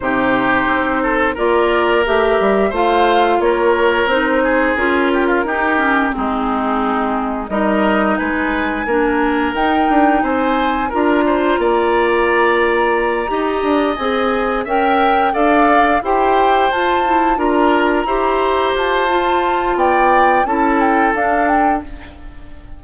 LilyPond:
<<
  \new Staff \with { instrumentName = "flute" } { \time 4/4 \tempo 4 = 88 c''2 d''4 e''4 | f''4 cis''4 c''4 ais'4~ | ais'4 gis'2 dis''4 | gis''2 g''4 gis''4 |
ais''1~ | ais''8 gis''4 g''4 f''4 g''8~ | g''8 a''4 ais''2 a''8~ | a''4 g''4 a''8 g''8 f''8 g''8 | }
  \new Staff \with { instrumentName = "oboe" } { \time 4/4 g'4. a'8 ais'2 | c''4 ais'4. gis'4 g'16 f'16 | g'4 dis'2 ais'4 | b'4 ais'2 c''4 |
ais'8 c''8 d''2~ d''8 dis''8~ | dis''4. e''4 d''4 c''8~ | c''4. ais'4 c''4.~ | c''4 d''4 a'2 | }
  \new Staff \with { instrumentName = "clarinet" } { \time 4/4 dis'2 f'4 g'4 | f'2 dis'4 f'4 | dis'8 cis'8 c'2 dis'4~ | dis'4 d'4 dis'2 |
f'2.~ f'8 g'8~ | g'8 gis'4 ais'4 a'4 g'8~ | g'8 f'8 e'8 f'4 g'4. | f'2 e'4 d'4 | }
  \new Staff \with { instrumentName = "bassoon" } { \time 4/4 c4 c'4 ais4 a8 g8 | a4 ais4 c'4 cis'4 | dis'4 gis2 g4 | gis4 ais4 dis'8 d'8 c'4 |
d'4 ais2~ ais8 dis'8 | d'8 c'4 cis'4 d'4 e'8~ | e'8 f'4 d'4 e'4 f'8~ | f'4 b4 cis'4 d'4 | }
>>